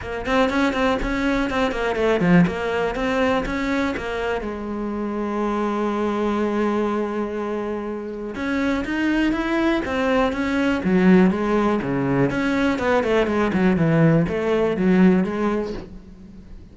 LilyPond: \new Staff \with { instrumentName = "cello" } { \time 4/4 \tempo 4 = 122 ais8 c'8 cis'8 c'8 cis'4 c'8 ais8 | a8 f8 ais4 c'4 cis'4 | ais4 gis2.~ | gis1~ |
gis4 cis'4 dis'4 e'4 | c'4 cis'4 fis4 gis4 | cis4 cis'4 b8 a8 gis8 fis8 | e4 a4 fis4 gis4 | }